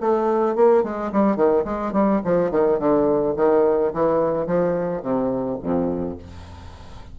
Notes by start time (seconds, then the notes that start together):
0.00 A3
0.55 A#3
0.83 G#3
1.12 G3
1.36 D#3
1.64 G#3
1.92 G3
2.24 F3
2.51 D#3
2.79 D3
3.36 D#3
3.93 E3
4.47 F3
5.02 C3
5.62 F2